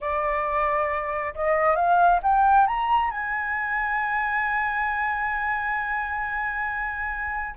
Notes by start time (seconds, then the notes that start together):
0.00 D5
1.34 D#5
1.75 F5
2.22 G5
2.67 A#5
3.10 G#5